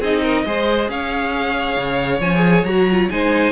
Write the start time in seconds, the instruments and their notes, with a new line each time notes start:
0.00 cello C4, viola D#4, violin G#4 D#5
0.23 violin A#4
0.46 cello G#3, viola G#4, violin C5
0.89 cello C#4, violin C#5 F5
1.77 cello C#3
2.20 cello F3, viola C#4, violin G#5
2.35 viola G#4
2.65 cello F#3, viola F#4, violin A#5
2.91 viola F4
3.10 cello G#3, viola D#4, violin C5 G#5